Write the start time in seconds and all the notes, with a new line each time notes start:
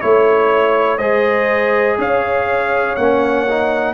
0.00 A3 E4 C#5
0.98 G#3 G#4 C5 D#5
1.98 C#4 C#5 F5
2.95 A#3 C#4 F#5
3.49 D#4